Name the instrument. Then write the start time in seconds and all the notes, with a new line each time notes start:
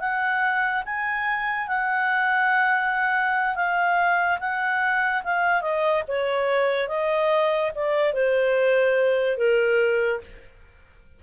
clarinet
0.00 F#5
0.86 G#5
1.68 F#5
3.56 F5
4.40 F#5
5.24 F5
5.62 D#5
6.08 C#5
6.89 D#5
7.75 D5
8.14 C5
9.37 A#4